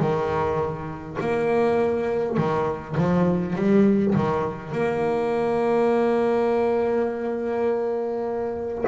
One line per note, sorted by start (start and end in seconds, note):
0.00 1.18 D#3
1.20 2.37 A#3
2.37 2.96 D#3
2.97 3.56 F3
3.56 4.14 G3
4.14 4.73 D#3
4.73 8.84 A#3